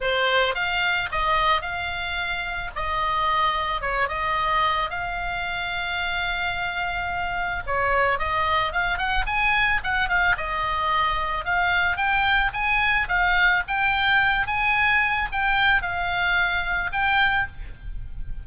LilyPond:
\new Staff \with { instrumentName = "oboe" } { \time 4/4 \tempo 4 = 110 c''4 f''4 dis''4 f''4~ | f''4 dis''2 cis''8 dis''8~ | dis''4 f''2.~ | f''2 cis''4 dis''4 |
f''8 fis''8 gis''4 fis''8 f''8 dis''4~ | dis''4 f''4 g''4 gis''4 | f''4 g''4. gis''4. | g''4 f''2 g''4 | }